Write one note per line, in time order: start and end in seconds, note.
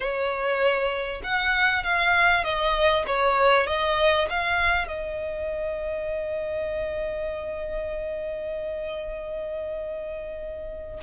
0.00 1.21 C#5
1.23 1.83 F#5
1.83 2.44 F5
2.44 3.05 D#5
3.06 3.67 C#5
3.67 4.28 D#5
4.29 4.87 F5
4.87 11.00 D#5